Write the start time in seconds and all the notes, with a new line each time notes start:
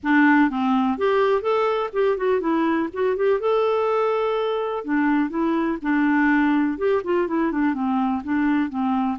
0.03 D4
0.50 C4
0.98 G4
1.41 A4
1.92 G4
2.17 F#4
2.40 E4
2.93 F#4
3.16 G4
3.39 A4
4.84 D4
5.29 E4
5.82 D4
6.77 G4
7.04 F4
7.27 E4
7.51 D4
7.74 C4
8.23 D4
8.69 C4